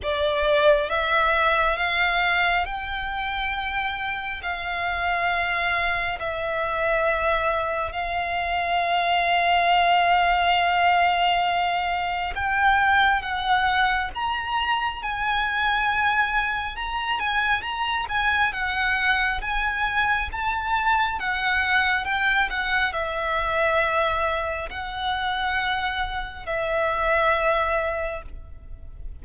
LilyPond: \new Staff \with { instrumentName = "violin" } { \time 4/4 \tempo 4 = 68 d''4 e''4 f''4 g''4~ | g''4 f''2 e''4~ | e''4 f''2.~ | f''2 g''4 fis''4 |
ais''4 gis''2 ais''8 gis''8 | ais''8 gis''8 fis''4 gis''4 a''4 | fis''4 g''8 fis''8 e''2 | fis''2 e''2 | }